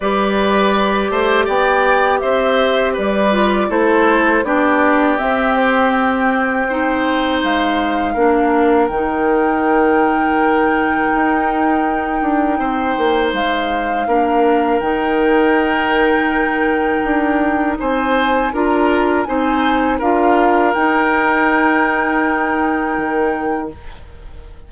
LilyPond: <<
  \new Staff \with { instrumentName = "flute" } { \time 4/4 \tempo 4 = 81 d''2 g''4 e''4 | d''4 c''4 d''4 e''8 c''8 | g''2 f''2 | g''1~ |
g''2 f''2 | g''1 | gis''4 ais''4 gis''4 f''4 | g''1 | }
  \new Staff \with { instrumentName = "oboe" } { \time 4/4 b'4. c''8 d''4 c''4 | b'4 a'4 g'2~ | g'4 c''2 ais'4~ | ais'1~ |
ais'4 c''2 ais'4~ | ais'1 | c''4 ais'4 c''4 ais'4~ | ais'1 | }
  \new Staff \with { instrumentName = "clarinet" } { \time 4/4 g'1~ | g'8 f'8 e'4 d'4 c'4~ | c'4 dis'2 d'4 | dis'1~ |
dis'2. d'4 | dis'1~ | dis'4 f'4 dis'4 f'4 | dis'1 | }
  \new Staff \with { instrumentName = "bassoon" } { \time 4/4 g4. a8 b4 c'4 | g4 a4 b4 c'4~ | c'2 gis4 ais4 | dis2. dis'4~ |
dis'8 d'8 c'8 ais8 gis4 ais4 | dis2. d'4 | c'4 d'4 c'4 d'4 | dis'2. dis4 | }
>>